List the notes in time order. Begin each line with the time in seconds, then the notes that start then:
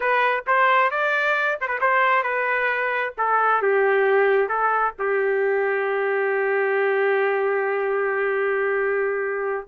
0.00 B4
0.47 C5
0.90 D5
1.60 C5
1.67 B4
1.80 C5
2.23 B4
3.17 A4
3.62 G4
4.48 A4
4.98 G4